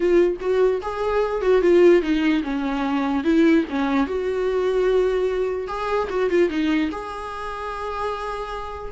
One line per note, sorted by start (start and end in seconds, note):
0.00 0.36 F4
0.40 0.81 F#4
0.81 1.41 G#4
1.41 1.61 F#4
1.61 2.01 F4
2.01 2.42 D#4
2.43 3.24 C#4
3.24 3.64 E4
3.69 4.06 C#4
4.06 5.67 F#4
5.67 6.08 G#4
6.09 6.29 F#4
6.30 6.49 F4
6.49 6.90 D#4
6.91 8.92 G#4